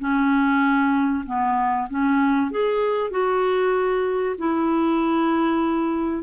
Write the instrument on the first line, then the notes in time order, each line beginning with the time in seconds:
clarinet
0.00 C#4
1.26 B3
1.90 C#4
2.51 G#4
3.11 F#4
4.38 E4